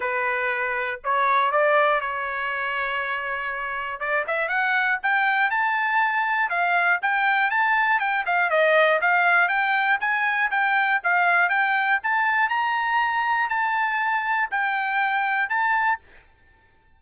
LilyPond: \new Staff \with { instrumentName = "trumpet" } { \time 4/4 \tempo 4 = 120 b'2 cis''4 d''4 | cis''1 | d''8 e''8 fis''4 g''4 a''4~ | a''4 f''4 g''4 a''4 |
g''8 f''8 dis''4 f''4 g''4 | gis''4 g''4 f''4 g''4 | a''4 ais''2 a''4~ | a''4 g''2 a''4 | }